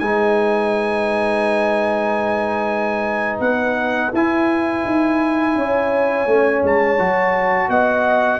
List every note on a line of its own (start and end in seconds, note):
0.00 3.40 G#3
0.00 4.13 D#4
0.00 5.55 B4
0.00 3.39 G#5
3.40 4.11 B3
3.40 4.12 F#5
4.13 4.85 E4
4.13 6.29 E4
4.13 6.65 G#5
4.85 5.56 D#4
5.56 6.27 C#4
5.56 7.70 C#5
6.27 6.62 A3
6.27 6.99 C#4
6.64 6.99 G#3
6.64 7.70 A5
6.99 7.69 F#3
6.99 8.40 F#4
7.69 8.40 B3
7.69 8.40 D#5
7.69 8.40 F#5